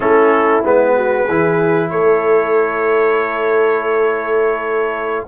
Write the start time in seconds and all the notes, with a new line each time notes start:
0.00 A3 C#4 E4 A4
0.63 G#3 B3 B4
0.95 F#4
1.24 E3 G#4
1.30 E4
1.90 A3 A4 C#5